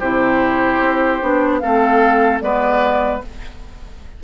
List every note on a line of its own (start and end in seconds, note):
0.00 0.80 C3
0.00 1.22 E4
0.00 1.60 G4
0.00 1.60 C5
0.80 1.20 C4
1.22 1.62 B3
1.22 1.62 D4
1.60 2.42 A3
1.60 2.42 C4
1.60 2.43 A4
1.60 2.40 F5
2.41 3.22 G#3
2.41 3.22 B3
2.41 3.24 B4
2.41 3.21 D5